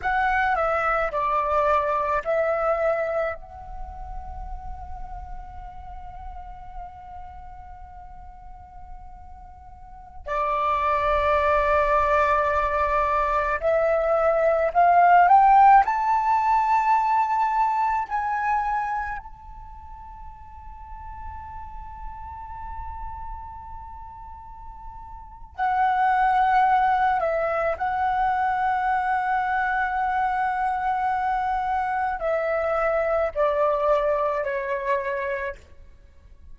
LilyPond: \new Staff \with { instrumentName = "flute" } { \time 4/4 \tempo 4 = 54 fis''8 e''8 d''4 e''4 fis''4~ | fis''1~ | fis''4~ fis''16 d''2~ d''8.~ | d''16 e''4 f''8 g''8 a''4.~ a''16~ |
a''16 gis''4 a''2~ a''8.~ | a''2. fis''4~ | fis''8 e''8 fis''2.~ | fis''4 e''4 d''4 cis''4 | }